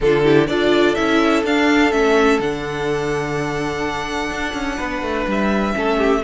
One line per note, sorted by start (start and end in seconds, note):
0.00 0.48 D3
0.00 0.23 D4
0.00 0.24 F4
0.00 0.47 A4
0.23 0.47 E4
0.23 0.48 G4
0.47 0.96 D4
0.47 0.96 F4
0.47 4.76 A4
0.47 0.94 D5
0.94 1.43 C#4
0.94 1.44 E4
0.94 1.42 E5
1.43 1.91 D4
1.43 1.92 D4
1.43 1.91 F5
1.91 2.39 A3
1.91 2.40 C#4
1.91 2.39 E5
2.39 4.30 D3
2.39 5.73 D4
2.39 5.28 F#5
4.30 4.53 D4
4.53 4.77 C#4
4.76 5.02 B3
4.76 5.73 B4
5.02 5.26 A3
5.26 5.74 G3
5.26 6.23 E5
5.73 6.23 A3
5.73 6.21 C#4
5.73 5.97 A4
5.97 6.21 G4